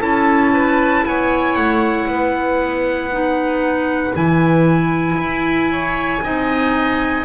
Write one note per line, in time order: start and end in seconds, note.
0.00 1.05 C#4
0.00 3.11 E4
0.00 0.52 A4
0.00 1.06 A5
0.53 1.05 B4
1.05 1.57 B3
1.05 2.11 C#5
1.05 1.56 G#5
1.56 2.07 A3
1.56 4.15 F#5
2.07 4.14 B3
2.07 5.72 B4
3.11 4.15 D#4
4.15 5.16 E3
4.15 6.22 E4
4.15 7.25 G#5
5.16 6.20 E4
5.72 6.24 C#5
6.23 7.25 C4
6.23 7.25 D#4
6.23 7.25 D#5